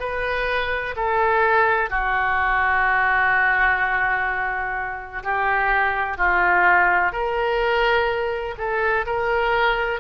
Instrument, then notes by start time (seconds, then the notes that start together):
oboe
0.00 B4
0.96 A4
1.90 F#4
5.24 G4
6.18 F4
7.13 A#4
8.58 A4
9.06 A#4